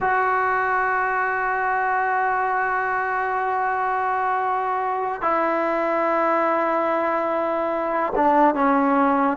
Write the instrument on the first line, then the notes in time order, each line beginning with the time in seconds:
trombone
0.00 F#4
5.21 E4
8.15 D4
8.54 C#4